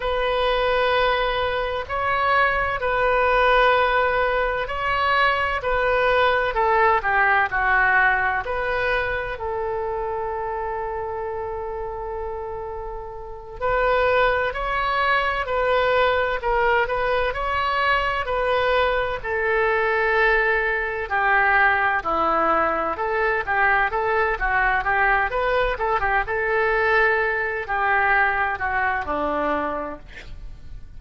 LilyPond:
\new Staff \with { instrumentName = "oboe" } { \time 4/4 \tempo 4 = 64 b'2 cis''4 b'4~ | b'4 cis''4 b'4 a'8 g'8 | fis'4 b'4 a'2~ | a'2~ a'8 b'4 cis''8~ |
cis''8 b'4 ais'8 b'8 cis''4 b'8~ | b'8 a'2 g'4 e'8~ | e'8 a'8 g'8 a'8 fis'8 g'8 b'8 a'16 g'16 | a'4. g'4 fis'8 d'4 | }